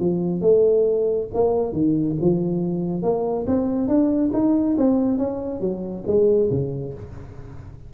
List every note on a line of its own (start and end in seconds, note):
0.00 0.42 F3
0.42 1.28 A3
1.34 1.73 A#3
1.73 2.16 D#3
2.21 3.03 F3
3.03 3.46 A#3
3.47 3.88 C4
3.88 4.31 D4
4.34 4.77 D#4
4.78 5.18 C4
5.18 5.61 C#4
5.61 6.04 F#3
6.07 6.50 G#3
6.51 6.94 C#3